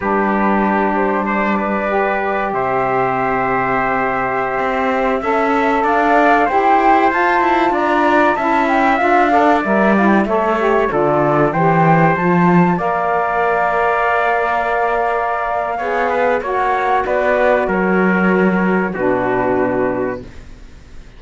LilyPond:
<<
  \new Staff \with { instrumentName = "flute" } { \time 4/4 \tempo 4 = 95 b'4. c''8 d''2 | e''1~ | e''4~ e''16 f''4 g''4 a''8.~ | a''16 ais''4 a''8 g''8 f''4 e''8 f''16 |
g''16 e''4 d''4 g''4 a''8.~ | a''16 f''2.~ f''8.~ | f''2 fis''4 d''4 | cis''2 b'2 | }
  \new Staff \with { instrumentName = "trumpet" } { \time 4/4 g'2 c''8 b'4. | c''1~ | c''16 e''4 d''4 c''4.~ c''16~ | c''16 d''4 e''4. d''4~ d''16~ |
d''16 cis''4 a'4 c''4.~ c''16~ | c''16 d''2.~ d''8.~ | d''4 cis''8 b'8 cis''4 b'4 | ais'2 fis'2 | }
  \new Staff \with { instrumentName = "saxophone" } { \time 4/4 d'2. g'4~ | g'1~ | g'16 a'2 g'4 f'8.~ | f'4~ f'16 e'4 f'8 a'8 ais'8 e'16~ |
e'16 a'8 g'8 f'4 g'4 f'8.~ | f'16 ais'2.~ ais'8.~ | ais'4 gis'4 fis'2~ | fis'2 d'2 | }
  \new Staff \with { instrumentName = "cello" } { \time 4/4 g1 | c2.~ c16 c'8.~ | c'16 cis'4 d'4 e'4 f'8 e'16~ | e'16 d'4 cis'4 d'4 g8.~ |
g16 a4 d4 e4 f8.~ | f16 ais2.~ ais8.~ | ais4 b4 ais4 b4 | fis2 b,2 | }
>>